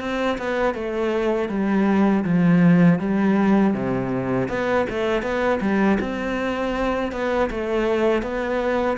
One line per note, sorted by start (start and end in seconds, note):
0.00 0.38 C4
0.38 0.74 B3
0.74 1.49 A3
1.49 2.24 G3
2.24 2.99 F3
2.99 3.74 G3
3.74 4.49 C3
4.49 4.86 B3
4.90 5.22 A3
5.22 5.60 B3
5.61 5.98 G3
6.00 7.12 C4
7.12 7.50 B3
7.50 8.22 A3
8.22 8.97 B3